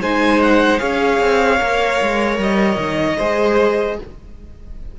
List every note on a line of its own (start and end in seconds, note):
0.00 0.79 G#3
0.00 0.78 D#4
0.00 0.79 C5
0.00 0.41 G#5
0.42 0.79 F#5
0.78 1.19 C#4
0.78 1.57 G#4
0.78 3.16 C#5
0.78 2.37 F5
1.19 1.59 C4
1.59 2.00 A#3
1.59 3.17 A#4
2.01 2.37 G#3
2.37 2.77 G3
2.37 3.98 D#5
2.77 3.17 D#3
3.17 3.98 G#3
3.17 3.98 G#4
3.17 3.96 C5